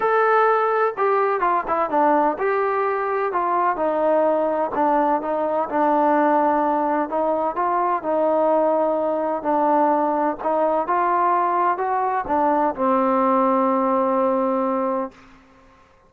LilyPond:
\new Staff \with { instrumentName = "trombone" } { \time 4/4 \tempo 4 = 127 a'2 g'4 f'8 e'8 | d'4 g'2 f'4 | dis'2 d'4 dis'4 | d'2. dis'4 |
f'4 dis'2. | d'2 dis'4 f'4~ | f'4 fis'4 d'4 c'4~ | c'1 | }